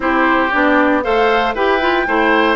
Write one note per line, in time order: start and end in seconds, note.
0.00 0.50 C4
0.00 0.50 E4
0.00 1.04 G4
0.00 0.51 C5
0.51 1.05 B3
0.51 1.02 D4
0.51 1.02 D5
1.02 1.54 A3
1.02 1.54 A4
1.02 1.54 C5
1.02 1.54 F5
1.54 2.06 E4
1.54 1.80 G4
1.54 2.06 B4
1.54 2.55 G5
1.80 2.06 F4
2.06 2.55 A3
2.06 2.55 E4
2.06 2.55 C5